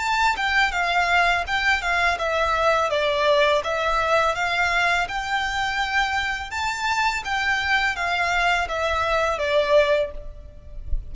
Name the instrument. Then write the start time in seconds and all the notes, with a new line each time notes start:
violin
0.00 A5
0.37 G5
0.72 F5
1.47 G5
1.82 F5
2.19 E5
2.90 D5
3.64 E5
4.35 F5
5.09 G5
6.51 A5
7.25 G5
7.96 F5
8.69 E5
9.39 D5